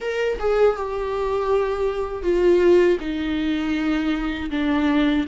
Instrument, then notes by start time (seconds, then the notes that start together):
viola
0.00 A#4
0.39 G#4
0.76 G4
2.22 F4
3.00 D#4
4.50 D4